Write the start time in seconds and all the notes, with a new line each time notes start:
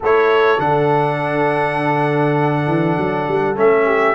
0.00 A3 E4 A4 C#5
0.58 D3 D4 F#5
2.66 E3
2.97 F#3
3.28 G3
3.56 A3 C#4 E5
3.85 G4